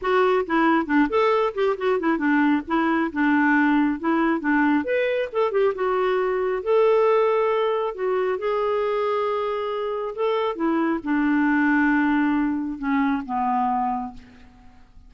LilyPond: \new Staff \with { instrumentName = "clarinet" } { \time 4/4 \tempo 4 = 136 fis'4 e'4 d'8 a'4 g'8 | fis'8 e'8 d'4 e'4 d'4~ | d'4 e'4 d'4 b'4 | a'8 g'8 fis'2 a'4~ |
a'2 fis'4 gis'4~ | gis'2. a'4 | e'4 d'2.~ | d'4 cis'4 b2 | }